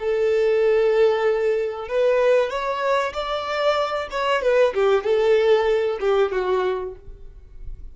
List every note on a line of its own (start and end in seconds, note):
0.00 1.89 A4
1.89 2.50 B4
2.50 3.13 C#5
3.13 4.08 D5
4.11 4.42 C#5
4.42 4.74 B4
4.75 5.04 G4
5.04 5.99 A4
6.00 6.32 G4
6.32 6.95 F#4